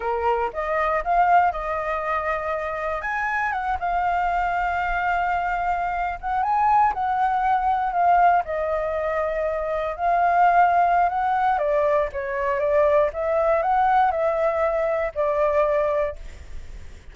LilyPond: \new Staff \with { instrumentName = "flute" } { \time 4/4 \tempo 4 = 119 ais'4 dis''4 f''4 dis''4~ | dis''2 gis''4 fis''8 f''8~ | f''1~ | f''16 fis''8 gis''4 fis''2 f''16~ |
f''8. dis''2. f''16~ | f''2 fis''4 d''4 | cis''4 d''4 e''4 fis''4 | e''2 d''2 | }